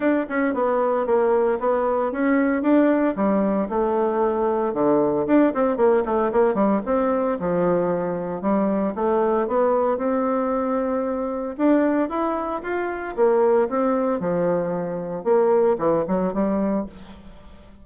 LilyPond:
\new Staff \with { instrumentName = "bassoon" } { \time 4/4 \tempo 4 = 114 d'8 cis'8 b4 ais4 b4 | cis'4 d'4 g4 a4~ | a4 d4 d'8 c'8 ais8 a8 | ais8 g8 c'4 f2 |
g4 a4 b4 c'4~ | c'2 d'4 e'4 | f'4 ais4 c'4 f4~ | f4 ais4 e8 fis8 g4 | }